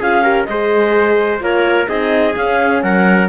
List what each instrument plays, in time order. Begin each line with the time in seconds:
0.00 cello C#4, horn F4, trumpet G#4, clarinet F5
0.23 horn G4, trumpet A#4
0.44 cello G#3, horn G#4, trumpet C5, clarinet D#5
1.40 cello A#3, horn F4, trumpet A#4, clarinet C#5
1.88 cello C4, horn D#4, trumpet G#4, clarinet D#5
2.36 cello C#4, horn C#4, clarinet F5
2.82 cello F#3, trumpet A#4, clarinet F#5